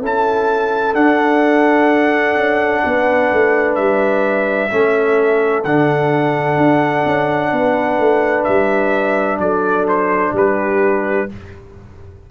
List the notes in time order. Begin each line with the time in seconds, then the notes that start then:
0.00 C#4 E4 A4 A5
0.94 D4 F#5
2.35 C#4
2.83 B3 B4
3.32 A3
3.75 G3 E5
4.69 A3 C#4 A4
5.63 D3 D4 F#5
6.56 D4
7.05 C#4
7.51 B3 B4
7.98 A3
8.44 G3 E5
9.38 F#3 A4 D5
9.88 C5
10.32 G3 G4 B4